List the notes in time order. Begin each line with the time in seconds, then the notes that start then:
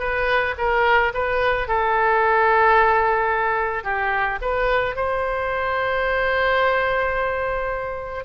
0.00 B4
0.58 A#4
1.14 B4
1.68 A4
3.84 G4
4.42 B4
4.96 C5